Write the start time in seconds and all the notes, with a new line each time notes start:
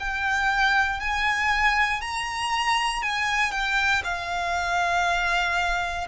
0.00 G5
1.00 G#5
2.02 A#5
3.02 G#5
3.52 G5
4.04 F5